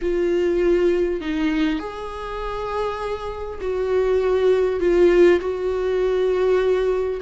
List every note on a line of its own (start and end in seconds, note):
0.01 1.20 F4
1.20 1.79 D#4
1.79 3.59 G#4
3.60 4.80 F#4
4.80 5.40 F4
5.40 7.20 F#4